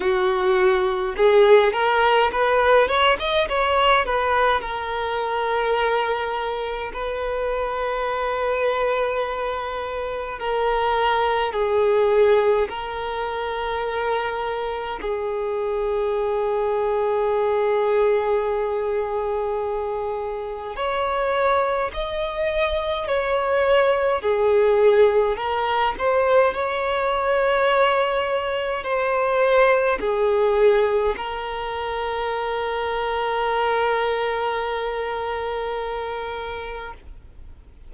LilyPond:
\new Staff \with { instrumentName = "violin" } { \time 4/4 \tempo 4 = 52 fis'4 gis'8 ais'8 b'8 cis''16 dis''16 cis''8 b'8 | ais'2 b'2~ | b'4 ais'4 gis'4 ais'4~ | ais'4 gis'2.~ |
gis'2 cis''4 dis''4 | cis''4 gis'4 ais'8 c''8 cis''4~ | cis''4 c''4 gis'4 ais'4~ | ais'1 | }